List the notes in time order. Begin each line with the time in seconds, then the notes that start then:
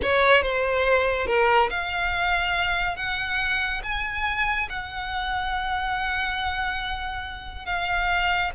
0.02 C#5
0.42 C5
1.26 A#4
1.70 F5
2.96 F#5
3.83 G#5
4.69 F#5
7.65 F5